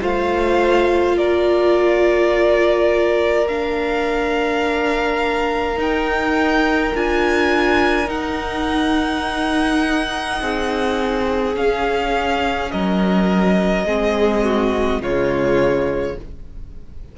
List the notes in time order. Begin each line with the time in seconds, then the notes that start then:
0.00 A3 F4 C5 F5
1.17 A#3 A#4 D5
3.48 D4 F5
5.76 D#4 G5
6.95 D4 F4 G#5
8.05 D#4 F#5
10.40 C4 G#4
11.56 C#4 F5
12.71 F#3 A#4 D#5
13.85 G#3 C4 G#4
14.44 F#4
15.00 C#3 G#3 F4 C#5